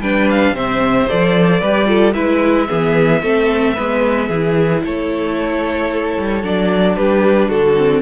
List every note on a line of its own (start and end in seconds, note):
0.00 0.53 G3
0.00 0.56 D4
0.00 0.55 B4
0.00 0.28 G5
0.31 0.56 F5
0.53 1.06 C3
0.53 1.09 C4
0.53 1.61 C5
0.53 1.10 E5
1.09 1.62 F3
1.09 1.63 A4
1.09 2.14 D5
1.61 2.16 G3
1.61 1.87 G4
1.61 1.87 B4
1.87 2.14 F4
1.87 2.14 A4
2.14 2.69 G#3
2.14 2.68 E4
2.14 2.68 B4
2.14 4.81 E5
2.68 3.23 E3
2.68 3.21 B3
2.68 3.22 G#4
3.22 3.76 A3
3.22 3.77 C4
3.22 3.75 A4
3.75 4.29 G#3
3.75 4.31 B3
3.75 4.28 B4
4.28 4.83 E3
4.28 6.43 E4
4.28 4.82 G#4
4.84 6.18 A3
4.84 6.96 A4
4.84 6.45 C#5
6.19 6.44 G3
6.43 6.97 F#3
6.43 7.77 D4
6.43 6.97 D5
6.96 7.51 G3
6.96 7.49 G4
6.96 7.50 B4
7.49 8.03 D3
7.49 8.02 F#4
7.49 8.03 A4
7.77 8.03 C4